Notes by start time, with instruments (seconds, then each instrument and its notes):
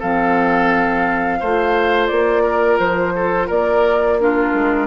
0.00 bassoon F3, clarinet C4, oboe A4, flute F5
1.40 bassoon A3, clarinet F4, oboe C5
2.08 bassoon A#3, flute D5
2.43 oboe A#4
2.80 bassoon F3, flute C5
3.16 oboe A4
3.47 bassoon A#3, oboe A#4, flute D5
4.20 clarinet D4, oboe F4, flute A#4
4.54 bassoon G#3